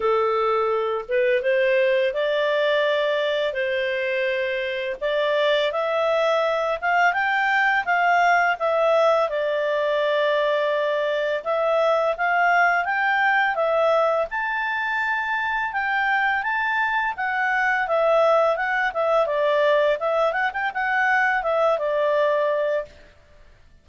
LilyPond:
\new Staff \with { instrumentName = "clarinet" } { \time 4/4 \tempo 4 = 84 a'4. b'8 c''4 d''4~ | d''4 c''2 d''4 | e''4. f''8 g''4 f''4 | e''4 d''2. |
e''4 f''4 g''4 e''4 | a''2 g''4 a''4 | fis''4 e''4 fis''8 e''8 d''4 | e''8 fis''16 g''16 fis''4 e''8 d''4. | }